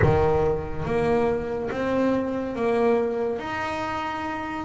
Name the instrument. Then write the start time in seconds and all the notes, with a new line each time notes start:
double bass
0.02 D#3
0.85 A#3
1.71 C4
2.55 A#3
3.38 D#4